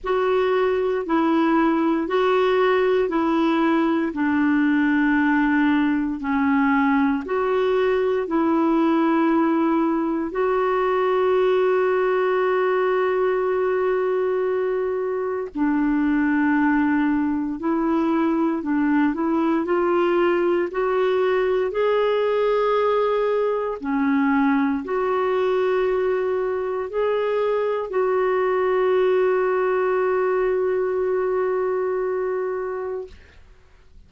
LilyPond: \new Staff \with { instrumentName = "clarinet" } { \time 4/4 \tempo 4 = 58 fis'4 e'4 fis'4 e'4 | d'2 cis'4 fis'4 | e'2 fis'2~ | fis'2. d'4~ |
d'4 e'4 d'8 e'8 f'4 | fis'4 gis'2 cis'4 | fis'2 gis'4 fis'4~ | fis'1 | }